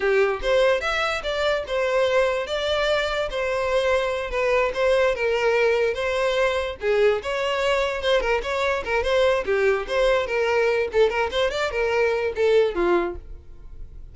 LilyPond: \new Staff \with { instrumentName = "violin" } { \time 4/4 \tempo 4 = 146 g'4 c''4 e''4 d''4 | c''2 d''2 | c''2~ c''8 b'4 c''8~ | c''8 ais'2 c''4.~ |
c''8 gis'4 cis''2 c''8 | ais'8 cis''4 ais'8 c''4 g'4 | c''4 ais'4. a'8 ais'8 c''8 | d''8 ais'4. a'4 f'4 | }